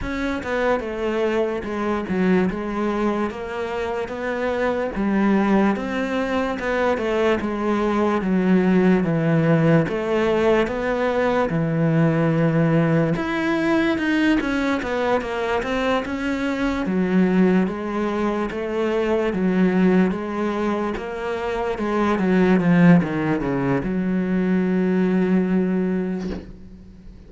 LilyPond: \new Staff \with { instrumentName = "cello" } { \time 4/4 \tempo 4 = 73 cis'8 b8 a4 gis8 fis8 gis4 | ais4 b4 g4 c'4 | b8 a8 gis4 fis4 e4 | a4 b4 e2 |
e'4 dis'8 cis'8 b8 ais8 c'8 cis'8~ | cis'8 fis4 gis4 a4 fis8~ | fis8 gis4 ais4 gis8 fis8 f8 | dis8 cis8 fis2. | }